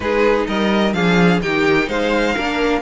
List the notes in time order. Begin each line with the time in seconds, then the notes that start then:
0.00 G#3 D#4 G#4 B4
0.47 G3 A#4 D#5
0.93 F3 D4 G#4 F5
1.41 D#3 D#4 G4 G5
1.87 G#3 C5 F5
2.35 A#3 D4 A#4